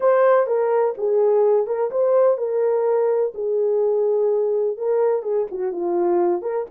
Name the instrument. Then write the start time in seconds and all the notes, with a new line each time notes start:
horn
0.00 C5
0.46 A#4
0.97 G#4
1.66 A#4
1.90 C5
2.37 A#4
3.34 G#4
4.77 A#4
5.22 G#4
5.51 F#4
5.71 F4
6.42 A#4